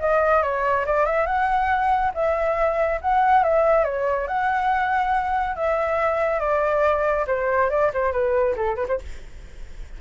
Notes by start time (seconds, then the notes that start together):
0.00 D#5
0.42 C#5
0.86 D5
1.06 E5
1.26 F#5
2.14 E5
3.02 F#5
3.43 E5
3.84 C#5
4.27 F#5
5.56 E5
6.40 D5
7.27 C5
7.70 D5
7.94 C5
8.12 B4
8.56 A4
8.76 B4
8.88 C5